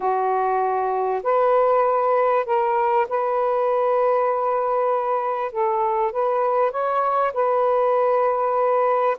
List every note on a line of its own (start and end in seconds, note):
0.00 1.22 F#4
1.23 2.45 B4
2.45 3.06 A#4
3.09 5.51 B4
5.51 6.12 A4
6.12 6.71 B4
6.71 7.32 C#5
7.33 9.17 B4